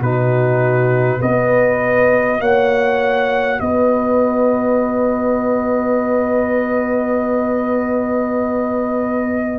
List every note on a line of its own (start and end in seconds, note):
0.00 1.20 B2
0.00 1.20 D#4
0.00 1.20 F#4
0.00 1.22 B4
1.20 2.40 B3
1.20 9.59 F#4
1.20 2.40 B4
1.20 2.41 D#5
2.40 3.60 A#3
2.40 3.60 C#5
2.40 3.60 F#5
3.60 9.59 B3
3.60 9.59 B4
3.60 9.59 D#5